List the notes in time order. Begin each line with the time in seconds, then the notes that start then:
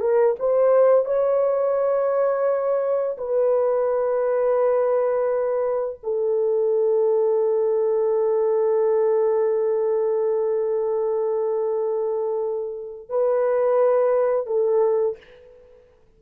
0.00 A#4
0.39 C5
1.05 C#5
3.17 B4
6.03 A4
13.09 B4
14.46 A4